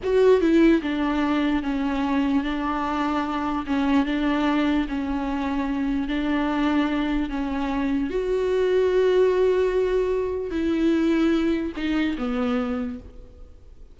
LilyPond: \new Staff \with { instrumentName = "viola" } { \time 4/4 \tempo 4 = 148 fis'4 e'4 d'2 | cis'2 d'2~ | d'4 cis'4 d'2 | cis'2. d'4~ |
d'2 cis'2 | fis'1~ | fis'2 e'2~ | e'4 dis'4 b2 | }